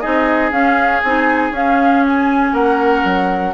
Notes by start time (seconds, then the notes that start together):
0.00 C4 D#4 G#4 D#5
0.51 C#4 F5
1.03 C4 D#4 G#5
1.51 C#4 F5
2.06 G#5
2.52 A#3 A#4 F#5
3.04 F#3